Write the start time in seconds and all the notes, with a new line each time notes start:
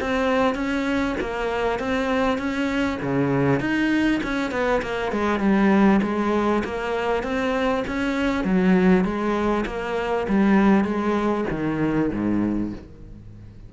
0.00 C4
0.55 C#4
1.20 A#3
1.79 C4
2.38 C#4
3.02 C#3
3.60 D#4
4.23 C#4
4.51 B3
4.82 A#3
5.12 G#3
5.40 G3
6.02 G#3
6.64 A#3
7.23 C4
7.87 C#4
8.44 F#3
9.04 G#3
9.66 A#3
10.28 G3
10.84 G#3
11.50 D#3
12.12 G#2